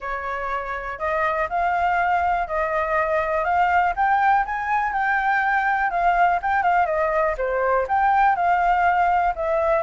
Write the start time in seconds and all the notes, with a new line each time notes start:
0.00 C#5
0.98 D#5
1.49 F5
2.47 D#5
3.44 F5
3.95 G5
4.45 G#5
4.92 G5
5.90 F5
6.42 G5
6.62 F5
6.86 D#5
7.37 C5
7.88 G5
8.35 F5
9.35 E5